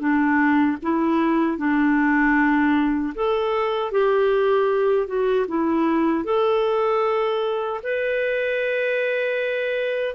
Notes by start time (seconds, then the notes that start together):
0.00 D4
0.83 E4
1.58 D4
3.15 A4
3.92 G4
5.08 F#4
5.49 E4
6.25 A4
7.84 B4